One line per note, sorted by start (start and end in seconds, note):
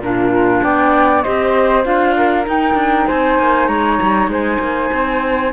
0.00 0.61 A#2
0.00 1.25 D4
0.00 0.64 F4
0.00 0.63 A#4
0.63 1.25 B3
0.63 1.24 D5
0.63 1.23 G5
1.23 1.86 C4
1.23 1.84 G4
1.23 2.16 C5
1.23 1.84 D#5
1.84 2.47 D4
1.84 2.45 F4
1.84 2.46 F5
2.17 3.08 A#4
2.45 5.51 D#4
2.45 2.75 D#4
2.45 3.08 G5
2.75 3.05 D4
3.08 3.39 C4
3.08 3.68 C5
3.08 3.68 G#5
3.39 3.68 A#3
3.68 3.99 G#3
3.68 4.30 C#5
3.68 4.29 A#5
4.02 4.28 G3
4.28 4.58 G#3
4.28 5.53 C5
4.28 5.53 G#5
4.59 4.90 A#3
4.94 5.53 C4